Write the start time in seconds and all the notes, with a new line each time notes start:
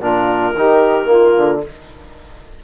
0.00 A#2 D4 F4 A#4
0.55 D#3 D#4 G4
1.05 A#3 F4
1.37 D3